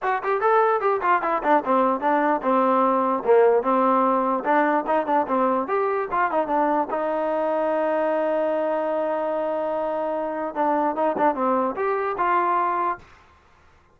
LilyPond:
\new Staff \with { instrumentName = "trombone" } { \time 4/4 \tempo 4 = 148 fis'8 g'8 a'4 g'8 f'8 e'8 d'8 | c'4 d'4 c'2 | ais4 c'2 d'4 | dis'8 d'8 c'4 g'4 f'8 dis'8 |
d'4 dis'2.~ | dis'1~ | dis'2 d'4 dis'8 d'8 | c'4 g'4 f'2 | }